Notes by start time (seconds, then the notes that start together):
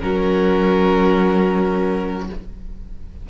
0.00 F#3 C#4 F#4 A#4